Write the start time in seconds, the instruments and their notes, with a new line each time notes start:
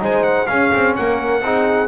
0.00 double bass G#3, trombone D#4, horn C5, trumpet G#5
0.24 trumpet F#5
0.47 trombone C#4, double bass C#4, horn G#4, trumpet F5
0.74 double bass C4
0.96 double bass A#3, horn A#4, trumpet F#5
1.42 double bass C4, trombone D#4, horn G#4